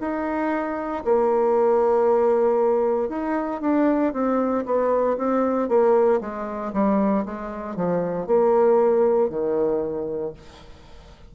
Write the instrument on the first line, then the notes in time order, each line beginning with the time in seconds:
bassoon
0.00 D#4
1.04 A#3
3.09 D#4
3.61 D4
4.13 C4
4.65 B3
5.17 C4
5.68 A#3
6.20 G#3
6.73 G3
7.25 G#3
7.75 F3
8.26 A#3
9.29 D#3